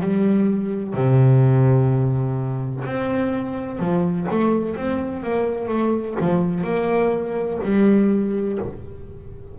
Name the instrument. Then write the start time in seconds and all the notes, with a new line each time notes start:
double bass
0.00 G3
0.94 C3
2.85 C4
3.79 F3
4.30 A3
4.76 C4
5.23 A#3
5.68 A3
6.20 F3
6.64 A#3
7.63 G3